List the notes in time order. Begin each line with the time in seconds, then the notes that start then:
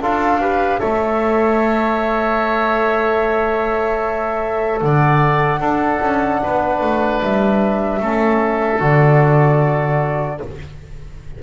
0.00 D4 F4 A4 F5
0.40 G4 B4
0.80 A3 A4 C#5 E5
4.81 D3 D5 F#5
5.59 D4 A4
6.01 C#4
6.43 B3 B4
6.81 A3
7.22 G3 E5
8.00 A3 C#4 A4
8.79 D3 F#4 D5